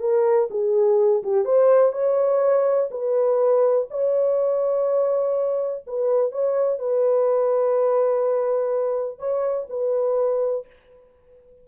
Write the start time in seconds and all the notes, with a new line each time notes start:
0.00 A#4
0.50 G#4
1.23 G4
1.45 C5
1.92 C#5
2.91 B4
3.90 C#5
5.87 B4
6.32 C#5
6.79 B4
9.19 C#5
9.69 B4